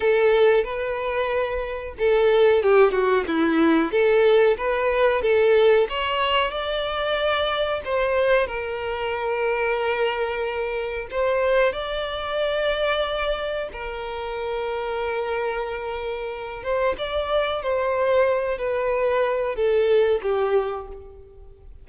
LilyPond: \new Staff \with { instrumentName = "violin" } { \time 4/4 \tempo 4 = 92 a'4 b'2 a'4 | g'8 fis'8 e'4 a'4 b'4 | a'4 cis''4 d''2 | c''4 ais'2.~ |
ais'4 c''4 d''2~ | d''4 ais'2.~ | ais'4. c''8 d''4 c''4~ | c''8 b'4. a'4 g'4 | }